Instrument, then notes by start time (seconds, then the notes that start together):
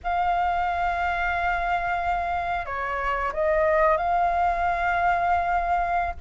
flute
0.03 F5
2.65 C#5
3.33 D#5
3.97 F5